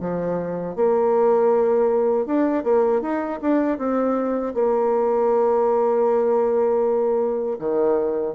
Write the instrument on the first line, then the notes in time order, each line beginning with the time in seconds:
bassoon
0.00 F3
0.76 A#3
2.26 D4
2.63 A#3
3.02 D#4
3.42 D4
3.78 C4
4.54 A#3
7.59 D#3